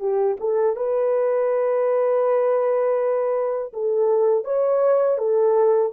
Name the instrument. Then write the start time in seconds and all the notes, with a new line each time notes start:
horn
0.00 G4
0.40 A4
0.76 B4
3.74 A4
4.45 C#5
5.18 A4